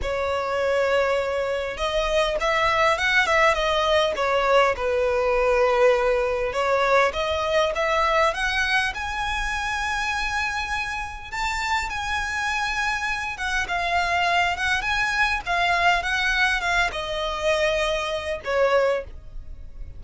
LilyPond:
\new Staff \with { instrumentName = "violin" } { \time 4/4 \tempo 4 = 101 cis''2. dis''4 | e''4 fis''8 e''8 dis''4 cis''4 | b'2. cis''4 | dis''4 e''4 fis''4 gis''4~ |
gis''2. a''4 | gis''2~ gis''8 fis''8 f''4~ | f''8 fis''8 gis''4 f''4 fis''4 | f''8 dis''2~ dis''8 cis''4 | }